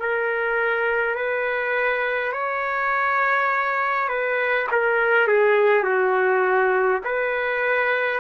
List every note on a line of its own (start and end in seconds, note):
0.00 1.16 A#4
1.16 2.33 B4
2.33 4.09 C#5
4.09 4.67 B4
4.72 5.28 A#4
5.28 5.83 G#4
5.83 7.01 F#4
7.05 8.20 B4